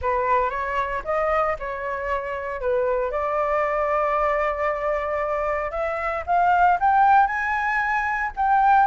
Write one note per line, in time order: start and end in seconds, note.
0.01 0.50 B4
0.50 1.02 C#5
1.04 1.56 D#5
1.59 2.60 C#5
2.60 3.11 B4
3.11 5.71 D5
5.71 6.23 E5
6.26 6.78 F5
6.79 7.26 G5
7.26 8.31 G#5
8.36 8.86 G5